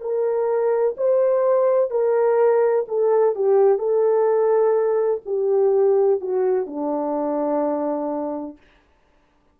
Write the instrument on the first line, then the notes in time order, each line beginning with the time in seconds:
horn
0.00 A#4
0.97 C5
1.90 A#4
2.87 A4
3.35 G4
3.78 A4
5.25 G4
6.20 F#4
6.66 D4